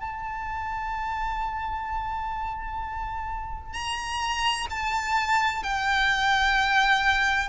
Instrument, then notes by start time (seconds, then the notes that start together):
violin
0.00 A5
3.73 A#5
4.70 A5
5.63 G5